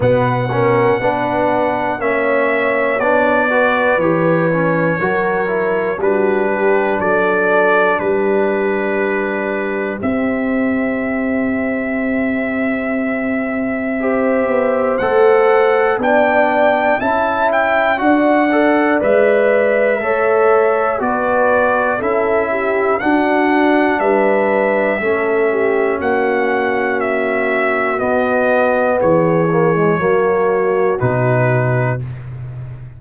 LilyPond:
<<
  \new Staff \with { instrumentName = "trumpet" } { \time 4/4 \tempo 4 = 60 fis''2 e''4 d''4 | cis''2 b'4 d''4 | b'2 e''2~ | e''2. fis''4 |
g''4 a''8 g''8 fis''4 e''4~ | e''4 d''4 e''4 fis''4 | e''2 fis''4 e''4 | dis''4 cis''2 b'4 | }
  \new Staff \with { instrumentName = "horn" } { \time 4/4 b'8 ais'8 b'4 cis''4. b'8~ | b'4 ais'4 fis'8 g'8 a'4 | g'1~ | g'2 c''2 |
d''4 e''4 d''2 | cis''4 b'4 a'8 g'8 fis'4 | b'4 a'8 g'8 fis'2~ | fis'4 gis'4 fis'2 | }
  \new Staff \with { instrumentName = "trombone" } { \time 4/4 b8 cis'8 d'4 cis'4 d'8 fis'8 | g'8 cis'8 fis'8 e'8 d'2~ | d'2 c'2~ | c'2 g'4 a'4 |
d'4 e'4 fis'8 a'8 b'4 | a'4 fis'4 e'4 d'4~ | d'4 cis'2. | b4. ais16 gis16 ais4 dis'4 | }
  \new Staff \with { instrumentName = "tuba" } { \time 4/4 b,4 b4 ais4 b4 | e4 fis4 g4 fis4 | g2 c'2~ | c'2~ c'8 b8 a4 |
b4 cis'4 d'4 gis4 | a4 b4 cis'4 d'4 | g4 a4 ais2 | b4 e4 fis4 b,4 | }
>>